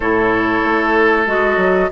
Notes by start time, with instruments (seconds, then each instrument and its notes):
0.00 bassoon A2, clarinet E4, oboe A4, flute C#5
0.64 bassoon A3
1.26 bassoon G#3, clarinet F#4, flute D#5
1.57 bassoon F#3